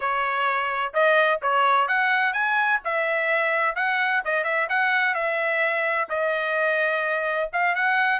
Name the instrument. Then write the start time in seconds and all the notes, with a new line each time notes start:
trumpet
0.00 C#5
0.93 D#5
1.41 C#5
1.88 F#5
2.33 G#5
2.84 E5
3.75 F#5
4.24 D#5
4.44 E5
4.69 F#5
5.14 E5
6.09 D#5
7.53 F5
7.75 F#5